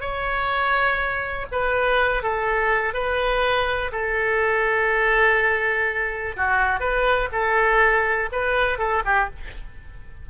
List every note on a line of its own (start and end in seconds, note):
0.00 1.46 C#5
1.51 2.22 B4
2.22 2.93 A4
2.93 3.91 B4
3.92 6.36 A4
6.36 6.80 F#4
6.80 7.28 B4
7.32 8.29 A4
8.31 8.78 B4
8.78 9.02 A4
9.05 9.29 G4